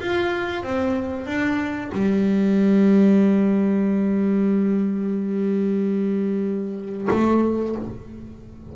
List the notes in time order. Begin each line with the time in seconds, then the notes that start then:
0.00 F4
0.62 C4
1.26 D4
1.92 G3
7.11 A3